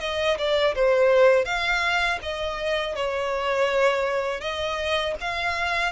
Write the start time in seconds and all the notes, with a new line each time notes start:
0.00 D#5
0.38 D5
0.75 C5
1.45 F5
2.22 D#5
2.95 C#5
4.40 D#5
5.21 F5